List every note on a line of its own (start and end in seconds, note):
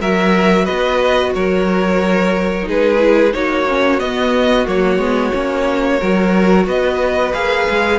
0.00 0.68 F#3
0.00 2.63 F#4
0.00 0.64 A#4
0.00 0.66 E5
0.64 1.35 B3
0.64 1.31 B4
0.64 1.32 D#5
1.35 2.68 F#3
1.35 2.67 A#4
1.35 2.68 C#5
2.63 3.34 G#3
2.63 2.96 D#4
2.63 3.34 G#4
2.70 3.33 B4
2.99 3.32 E4
3.32 4.00 A#3
3.32 3.66 D#4
3.32 6.00 F#4
3.32 4.00 C#5
3.68 3.99 C#4
3.99 4.66 B3
3.99 4.67 B3
3.99 4.66 D#5
4.66 4.97 F#3
4.66 4.99 A#3
4.66 6.68 C#5
4.97 5.30 G#3
4.97 5.32 B3
5.33 6.01 A#3
5.33 5.99 C#4
6.00 6.66 F#3
6.00 7.33 F#4
6.00 6.67 A#4
6.66 7.33 B3
6.66 7.99 B4
6.66 7.34 D#5
7.33 7.67 A#3
7.33 7.99 G#4
7.33 7.99 F5
7.69 7.99 G#3